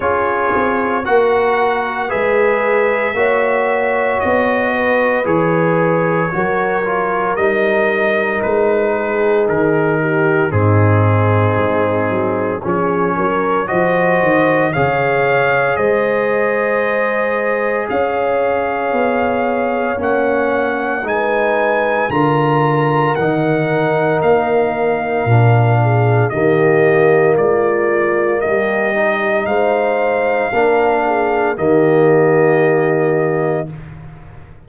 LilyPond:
<<
  \new Staff \with { instrumentName = "trumpet" } { \time 4/4 \tempo 4 = 57 cis''4 fis''4 e''2 | dis''4 cis''2 dis''4 | b'4 ais'4 gis'2 | cis''4 dis''4 f''4 dis''4~ |
dis''4 f''2 fis''4 | gis''4 ais''4 fis''4 f''4~ | f''4 dis''4 d''4 dis''4 | f''2 dis''2 | }
  \new Staff \with { instrumentName = "horn" } { \time 4/4 gis'4 ais'4 b'4 cis''4~ | cis''8 b'4. ais'2~ | ais'8 gis'4 g'8 dis'2 | gis'8 ais'8 c''4 cis''4 c''4~ |
c''4 cis''2. | b'4 ais'2.~ | ais'8 gis'8 g'4 f'4 g'4 | c''4 ais'8 gis'8 g'2 | }
  \new Staff \with { instrumentName = "trombone" } { \time 4/4 f'4 fis'4 gis'4 fis'4~ | fis'4 gis'4 fis'8 f'8 dis'4~ | dis'2 c'2 | cis'4 fis'4 gis'2~ |
gis'2. cis'4 | dis'4 f'4 dis'2 | d'4 ais2~ ais8 dis'8~ | dis'4 d'4 ais2 | }
  \new Staff \with { instrumentName = "tuba" } { \time 4/4 cis'8 c'8 ais4 gis4 ais4 | b4 e4 fis4 g4 | gis4 dis4 gis,4 gis8 fis8 | f8 fis8 f8 dis8 cis4 gis4~ |
gis4 cis'4 b4 ais4 | gis4 d4 dis4 ais4 | ais,4 dis4 gis4 g4 | gis4 ais4 dis2 | }
>>